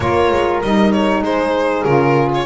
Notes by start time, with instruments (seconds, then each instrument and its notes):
0.00 double bass A#3, saxophone F4, horn A#4, violin C#5
0.31 double bass G#3
0.62 double bass G3, saxophone D#4, violin D#5
0.92 violin C#5
1.22 double bass G#3, horn G#4, violin C5
1.83 double bass C#3, saxophone F4, violin A#4
2.34 violin C#5